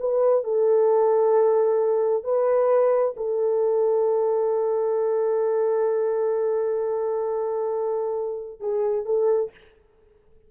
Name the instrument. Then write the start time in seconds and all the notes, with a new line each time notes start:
horn
0.00 B4
0.44 A4
2.24 B4
3.17 A4
8.61 G#4
9.06 A4